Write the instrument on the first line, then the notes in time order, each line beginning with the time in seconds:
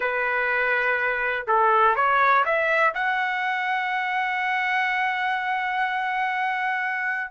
trumpet
0.00 B4
1.47 A4
1.95 C#5
2.45 E5
2.94 F#5